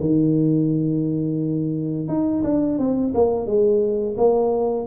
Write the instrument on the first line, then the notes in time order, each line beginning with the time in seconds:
tuba
0.00 D#3
2.08 D#4
2.44 D4
2.78 C4
3.14 A#3
3.46 G#3
4.17 A#3